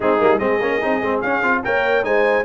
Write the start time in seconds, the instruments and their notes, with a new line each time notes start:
0.00 tuba G#3, trombone C4, horn D#4, trumpet G#4
0.18 tuba G3, trombone A#3
0.38 tuba G#3, trombone C4, horn G#4, trumpet D#5
0.61 tuba A#3, trombone C#4
0.81 tuba C4, trombone D#4
1.01 tuba G#3, trombone C4
1.21 tuba C#4, trombone C#4, trumpet F5
1.42 tuba C4, trombone F4
1.64 tuba A#3, trombone A#4, horn C#5, trumpet G5
2.03 tuba G#3, trombone D#4, horn C5, trumpet G#5